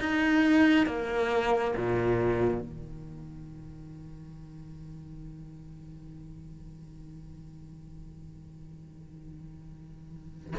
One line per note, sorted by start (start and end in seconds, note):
0.00 0.87 D#4
0.87 1.75 A#3
1.77 2.61 A#2
2.61 10.55 D#3